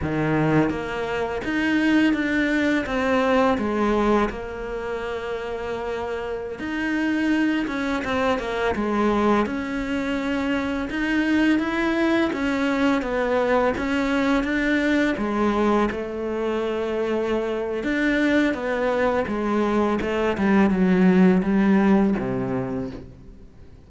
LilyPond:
\new Staff \with { instrumentName = "cello" } { \time 4/4 \tempo 4 = 84 dis4 ais4 dis'4 d'4 | c'4 gis4 ais2~ | ais4~ ais16 dis'4. cis'8 c'8 ais16~ | ais16 gis4 cis'2 dis'8.~ |
dis'16 e'4 cis'4 b4 cis'8.~ | cis'16 d'4 gis4 a4.~ a16~ | a4 d'4 b4 gis4 | a8 g8 fis4 g4 c4 | }